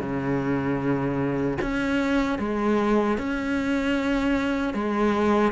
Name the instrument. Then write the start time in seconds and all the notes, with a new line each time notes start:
cello
0.00 C#3
1.61 C#4
2.39 G#3
3.18 C#4
4.74 G#3